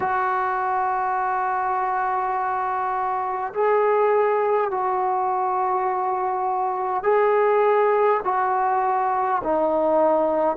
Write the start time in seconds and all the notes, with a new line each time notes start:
0.00 F#4
3.53 G#4
4.71 F#4
7.03 G#4
8.24 F#4
9.43 D#4